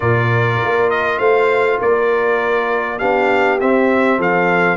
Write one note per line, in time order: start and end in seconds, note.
0.00 0.60 A#2
0.00 2.99 F4
0.00 1.18 A#4
0.00 0.90 D5
0.63 1.19 A#3
0.90 1.19 D#5
1.18 1.79 A3
1.18 1.78 C5
1.18 1.79 F5
1.80 3.00 A#3
1.80 2.98 A#4
1.80 2.98 D5
2.98 3.61 B3
2.98 3.59 D4
2.98 4.18 G4
2.98 3.58 F5
3.60 4.18 C4
3.60 4.76 C4
3.60 4.20 E5
4.18 4.76 F3
4.18 4.76 A4
4.18 4.76 F5